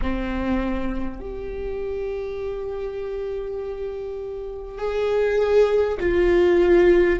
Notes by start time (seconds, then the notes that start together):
0.01 C4
1.20 G4
4.78 G#4
6.00 F4